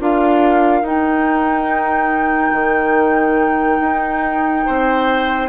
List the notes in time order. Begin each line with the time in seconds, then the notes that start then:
0.00 D4 F4 A#4 F5
0.82 D#4 G5
2.52 D#3
3.80 D#4
4.66 C4 C5